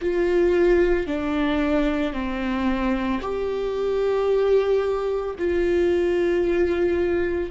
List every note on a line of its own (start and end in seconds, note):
0.00 1.06 F4
1.06 2.13 D4
2.13 3.20 C4
3.21 5.35 G4
5.38 7.50 F4